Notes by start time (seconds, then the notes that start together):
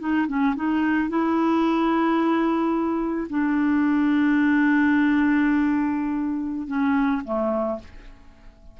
0.00 D#4
0.28 C#4
0.56 D#4
1.10 E4
3.30 D4
6.68 C#4
7.25 A3